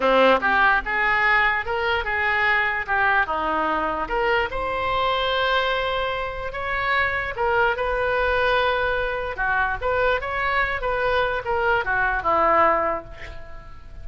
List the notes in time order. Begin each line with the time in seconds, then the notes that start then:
0.00 C4
0.40 G4
0.85 G#4
1.65 A#4
2.04 G#4
2.86 G4
3.26 D#4
4.08 A#4
4.50 C5
6.52 C#5
7.36 A#4
7.76 B4
9.36 F#4
9.81 B4
10.21 C#5
10.81 B4
11.44 A#4
11.84 F#4
12.22 E4